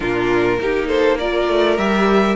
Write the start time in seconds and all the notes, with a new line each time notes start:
0.00 A#2 D4 F4 A#4
0.60 A#3 D#4 G4
0.88 A4 C5
1.18 F4 A#4 D5
1.48 A3
1.77 G3 G4 E5